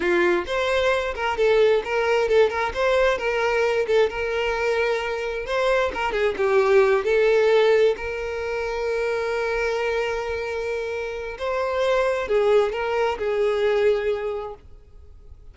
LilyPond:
\new Staff \with { instrumentName = "violin" } { \time 4/4 \tempo 4 = 132 f'4 c''4. ais'8 a'4 | ais'4 a'8 ais'8 c''4 ais'4~ | ais'8 a'8 ais'2. | c''4 ais'8 gis'8 g'4. a'8~ |
a'4. ais'2~ ais'8~ | ais'1~ | ais'4 c''2 gis'4 | ais'4 gis'2. | }